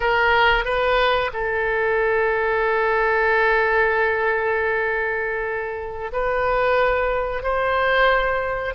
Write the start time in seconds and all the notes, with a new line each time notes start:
0.00 A#4
0.64 B4
1.33 A4
6.12 B4
7.42 C5